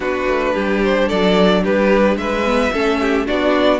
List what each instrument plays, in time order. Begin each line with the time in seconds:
0.00 cello B3, viola D4, violin F#4 B4
0.27 cello A3
0.53 cello G3, violin G4
0.83 violin C5
1.08 cello F#3, violin A4 D5
1.62 cello G3, violin G4 B4
2.16 cello G#3, violin B4 E5
2.45 viola B3
2.72 cello A3, viola C#4, violin A4
3.00 violin G4
3.26 cello B3, viola D4, violin F#4 D5